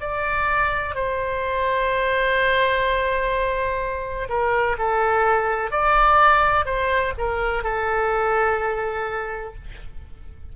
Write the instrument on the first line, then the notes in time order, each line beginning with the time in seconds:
oboe
0.00 D5
0.95 C5
4.29 A#4
4.78 A4
5.71 D5
6.65 C5
7.17 A#4
7.63 A4